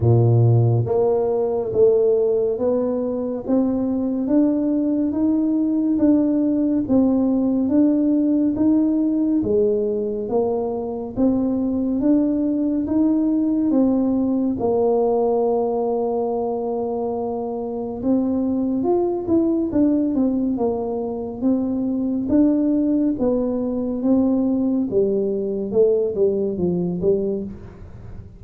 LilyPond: \new Staff \with { instrumentName = "tuba" } { \time 4/4 \tempo 4 = 70 ais,4 ais4 a4 b4 | c'4 d'4 dis'4 d'4 | c'4 d'4 dis'4 gis4 | ais4 c'4 d'4 dis'4 |
c'4 ais2.~ | ais4 c'4 f'8 e'8 d'8 c'8 | ais4 c'4 d'4 b4 | c'4 g4 a8 g8 f8 g8 | }